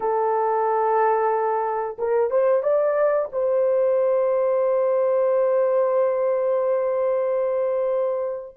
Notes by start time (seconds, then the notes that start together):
0.00 A4
1.98 A#4
2.30 C5
2.62 D5
3.31 C5